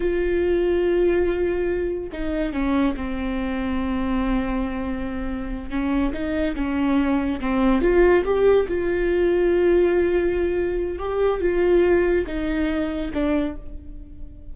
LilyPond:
\new Staff \with { instrumentName = "viola" } { \time 4/4 \tempo 4 = 142 f'1~ | f'4 dis'4 cis'4 c'4~ | c'1~ | c'4. cis'4 dis'4 cis'8~ |
cis'4. c'4 f'4 g'8~ | g'8 f'2.~ f'8~ | f'2 g'4 f'4~ | f'4 dis'2 d'4 | }